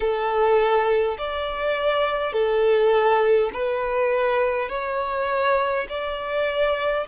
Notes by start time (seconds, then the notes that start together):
0.00 A4
1.18 D5
2.32 A4
3.53 B4
4.69 C#5
5.89 D5